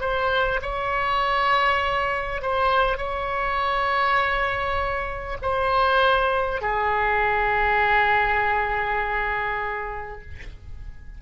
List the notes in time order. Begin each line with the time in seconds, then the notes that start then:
0.00 C5
0.61 C#5
2.42 C5
2.97 C#5
5.41 C5
6.61 G#4